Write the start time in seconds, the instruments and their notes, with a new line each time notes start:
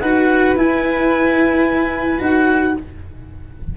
0.00 tuba D#4, cello F#4, violin B4, clarinet F#5
0.56 tuba E4, cello E4, clarinet G#5
2.19 tuba D#4, cello F#4, clarinet F#5